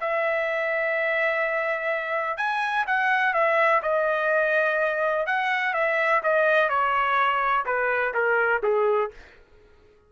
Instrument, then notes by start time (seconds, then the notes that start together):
trumpet
0.00 E5
2.37 G#5
2.86 F#5
3.33 E5
3.82 D#5
5.26 F#5
5.73 E5
6.23 D#5
6.69 C#5
7.65 B4
8.14 A#4
8.62 G#4